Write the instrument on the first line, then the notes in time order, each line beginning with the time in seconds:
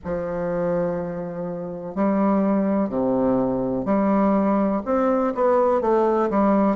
bassoon
0.04 F3
1.95 G3
2.89 C3
3.85 G3
4.85 C4
5.34 B3
5.81 A3
6.29 G3